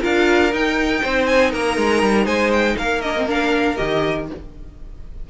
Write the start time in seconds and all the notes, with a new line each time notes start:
0.00 D4 F4 A#4 F5
0.52 D#4 G5
1.03 C4 C5
1.25 G#5
1.50 A#3 A#4 A#5
1.77 G#3
2.02 G3
2.24 G#3 C5 G#5
2.52 G5
2.77 A#3 A#4 F5
3.01 D4 D#5
3.16 C4
3.27 D4 F5
3.76 D#3 G4 D#5